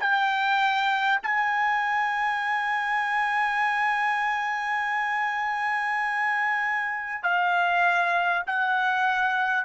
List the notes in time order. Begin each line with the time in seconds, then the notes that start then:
0.00 G5
1.23 G#5
7.23 F5
8.47 F#5